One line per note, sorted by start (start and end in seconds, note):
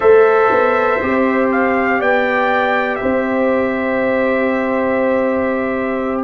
0.00 0.50 A3
0.00 1.00 A4
0.00 1.98 C5
0.00 1.50 E5
0.50 1.00 B3
1.01 2.00 C4
1.01 6.24 G4
1.51 2.01 F5
1.99 3.00 B3
1.99 2.99 D5
1.99 2.95 G5
2.95 6.24 C5
2.95 6.20 E5
3.02 6.24 C4